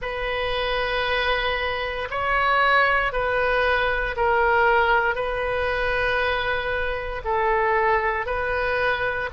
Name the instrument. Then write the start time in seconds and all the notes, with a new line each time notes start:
oboe
0.01 B4
2.10 C#5
3.12 B4
4.16 A#4
5.15 B4
7.24 A4
8.26 B4